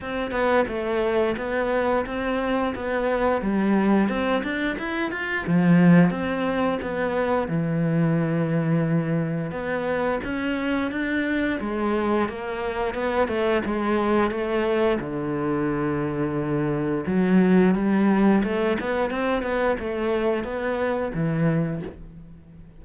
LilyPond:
\new Staff \with { instrumentName = "cello" } { \time 4/4 \tempo 4 = 88 c'8 b8 a4 b4 c'4 | b4 g4 c'8 d'8 e'8 f'8 | f4 c'4 b4 e4~ | e2 b4 cis'4 |
d'4 gis4 ais4 b8 a8 | gis4 a4 d2~ | d4 fis4 g4 a8 b8 | c'8 b8 a4 b4 e4 | }